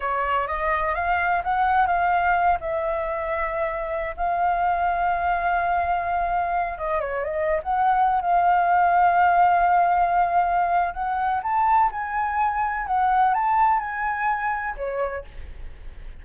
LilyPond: \new Staff \with { instrumentName = "flute" } { \time 4/4 \tempo 4 = 126 cis''4 dis''4 f''4 fis''4 | f''4. e''2~ e''8~ | e''8. f''2.~ f''16~ | f''2~ f''16 dis''8 cis''8 dis''8. |
fis''4~ fis''16 f''2~ f''8.~ | f''2. fis''4 | a''4 gis''2 fis''4 | a''4 gis''2 cis''4 | }